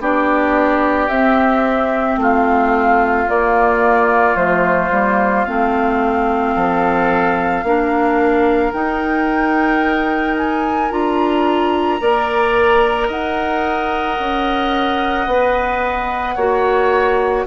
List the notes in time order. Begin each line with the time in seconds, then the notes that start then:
0.00 B3 D4 G4 D5
1.09 C4 E5
2.17 A3 F4 F5
3.27 A#3 D5
4.36 F3 A3 C5
4.91 G3 A#3
5.45 A3 C4 F5
6.55 F3 A4
7.63 A#3 D4 A#4
8.73 D#4 G5
10.37 G#5
10.91 D4 F4 A#5
12.00 A#3 A#4 D5
13.08 D#4 D#5 F#5
14.19 C#4
15.27 B3 B4
16.35 A#3 F#4 C#5